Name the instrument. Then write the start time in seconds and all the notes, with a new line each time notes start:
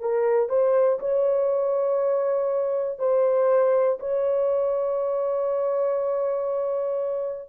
horn
0.00 A#4
0.49 C5
1.00 C#5
2.98 C5
3.99 C#5